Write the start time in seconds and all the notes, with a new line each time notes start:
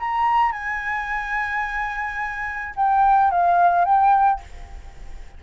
0.00 A#5
0.52 G#5
2.76 G5
3.31 F5
3.85 G5